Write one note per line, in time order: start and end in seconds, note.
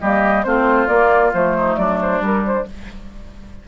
0.00 0.45 G3
0.00 0.44 A#3
0.00 0.45 G4
0.00 0.43 D#5
0.43 0.88 A3
0.43 0.87 C4
0.43 1.56 F4
0.43 0.87 C5
0.87 1.32 A#3
0.87 1.33 A#3
0.87 1.31 D5
1.33 1.77 F3
1.33 2.22 A3
1.33 1.76 C5
1.56 1.79 D#4
1.76 2.20 F#3
1.76 2.68 D4
1.76 1.98 D5
2.01 2.23 C5
2.20 2.64 G3
2.20 2.66 G3
2.20 2.45 A#4
2.45 2.67 C5